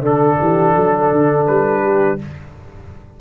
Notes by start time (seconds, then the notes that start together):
0.00 D3 D4 A4
0.40 E3 G4
0.74 F#3 A4
1.12 D3
1.47 G3 B4
1.83 G4